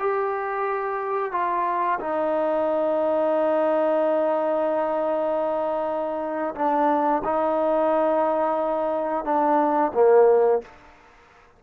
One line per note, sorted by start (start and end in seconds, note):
0.00 1.32 G4
1.32 2.00 F4
2.00 6.55 D#4
6.55 7.23 D4
7.25 9.25 D#4
9.25 9.92 D4
9.95 10.62 A#3